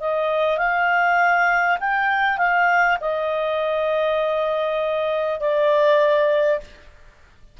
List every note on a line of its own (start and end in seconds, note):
0.00 0.58 D#5
0.58 1.78 F5
1.80 2.37 G5
2.37 2.97 F5
3.01 5.40 D#5
5.40 6.60 D5